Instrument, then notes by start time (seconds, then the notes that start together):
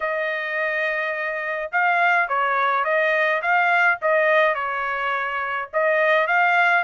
trumpet
0.00 D#5
1.71 F5
2.28 C#5
2.84 D#5
3.41 F5
4.01 D#5
4.54 C#5
5.73 D#5
6.27 F5